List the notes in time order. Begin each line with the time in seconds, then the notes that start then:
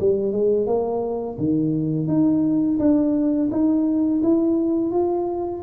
0.00 G3
0.32 G#3
0.67 A#3
1.39 D#3
2.08 D#4
2.79 D4
3.51 D#4
4.23 E4
4.92 F4